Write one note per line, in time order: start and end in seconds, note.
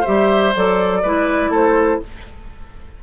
0.00 0.53 G4
0.00 0.98 C5
0.00 0.54 E5
0.07 0.56 G3
0.55 1.03 F#3
0.55 1.04 A4
0.55 1.53 D5
1.02 1.49 G#3
1.02 2.03 E4
1.02 1.50 B4
1.49 1.99 A3
1.49 1.99 A4
1.49 2.02 C5